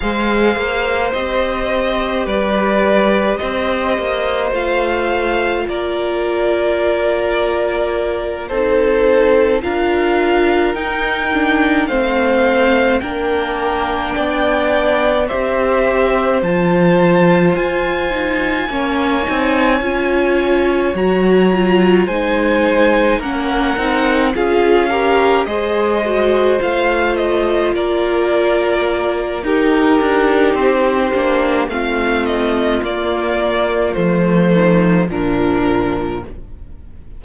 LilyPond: <<
  \new Staff \with { instrumentName = "violin" } { \time 4/4 \tempo 4 = 53 f''4 dis''4 d''4 dis''4 | f''4 d''2~ d''8 c''8~ | c''8 f''4 g''4 f''4 g''8~ | g''4. e''4 a''4 gis''8~ |
gis''2~ gis''8 ais''4 gis''8~ | gis''8 fis''4 f''4 dis''4 f''8 | dis''8 d''4. ais'4 c''4 | f''8 dis''8 d''4 c''4 ais'4 | }
  \new Staff \with { instrumentName = "violin" } { \time 4/4 c''2 b'4 c''4~ | c''4 ais'2~ ais'8 a'8~ | a'8 ais'2 c''4 ais'8~ | ais'8 d''4 c''2~ c''8~ |
c''8 cis''2. c''8~ | c''8 ais'4 gis'8 ais'8 c''4.~ | c''8 ais'4. g'2 | f'2~ f'8 dis'8 d'4 | }
  \new Staff \with { instrumentName = "viola" } { \time 4/4 gis'4 g'2. | f'2.~ f'8 dis'8~ | dis'8 f'4 dis'8 d'8 c'4 d'8~ | d'4. g'4 f'4. |
dis'8 cis'8 dis'8 f'4 fis'8 f'8 dis'8~ | dis'8 cis'8 dis'8 f'8 g'8 gis'8 fis'8 f'8~ | f'2 dis'4. d'8 | c'4 ais4 a4 f4 | }
  \new Staff \with { instrumentName = "cello" } { \time 4/4 gis8 ais8 c'4 g4 c'8 ais8 | a4 ais2~ ais8 c'8~ | c'8 d'4 dis'4 a4 ais8~ | ais8 b4 c'4 f4 f'8~ |
f'8 ais8 c'8 cis'4 fis4 gis8~ | gis8 ais8 c'8 cis'4 gis4 a8~ | a8 ais4. dis'8 d'8 c'8 ais8 | a4 ais4 f4 ais,4 | }
>>